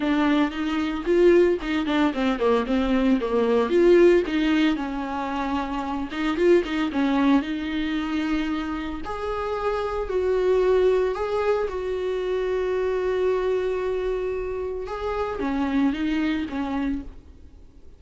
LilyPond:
\new Staff \with { instrumentName = "viola" } { \time 4/4 \tempo 4 = 113 d'4 dis'4 f'4 dis'8 d'8 | c'8 ais8 c'4 ais4 f'4 | dis'4 cis'2~ cis'8 dis'8 | f'8 dis'8 cis'4 dis'2~ |
dis'4 gis'2 fis'4~ | fis'4 gis'4 fis'2~ | fis'1 | gis'4 cis'4 dis'4 cis'4 | }